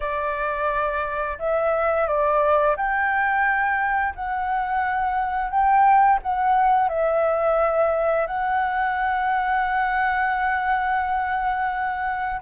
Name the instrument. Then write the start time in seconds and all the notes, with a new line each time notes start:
flute
0.00 D5
1.38 E5
2.07 D5
2.76 G5
4.15 F#5
5.50 G5
6.22 F#5
6.88 E5
8.27 F#5